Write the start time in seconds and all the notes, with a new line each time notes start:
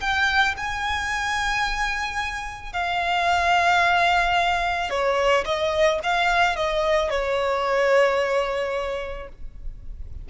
0.00 G5
0.57 G#5
2.73 F5
4.90 C#5
5.45 D#5
6.03 F5
6.56 D#5
7.10 C#5